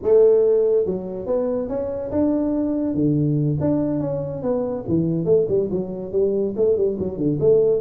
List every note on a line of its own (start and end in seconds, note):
0.02 0.85 A3
0.85 1.26 F#3
1.26 1.68 B3
1.68 2.10 C#4
2.11 2.94 D4
2.94 3.57 D3
3.60 3.99 D4
3.99 4.42 C#4
4.42 4.84 B3
4.87 5.25 E3
5.25 5.46 A3
5.48 5.69 G3
5.71 6.12 F#3
6.12 6.54 G3
6.56 6.76 A3
6.76 6.97 G3
6.99 7.17 F#3
7.17 7.38 D3
7.40 7.81 A3